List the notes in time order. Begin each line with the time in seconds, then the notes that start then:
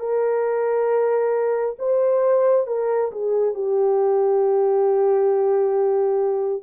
0.00 A#4
1.79 C5
2.67 A#4
3.12 G#4
3.55 G4